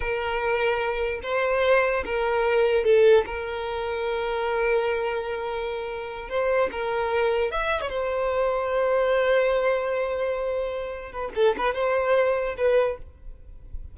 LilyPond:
\new Staff \with { instrumentName = "violin" } { \time 4/4 \tempo 4 = 148 ais'2. c''4~ | c''4 ais'2 a'4 | ais'1~ | ais'2.~ ais'8 c''8~ |
c''8 ais'2 e''8. cis''16 c''8~ | c''1~ | c''2.~ c''8 b'8 | a'8 b'8 c''2 b'4 | }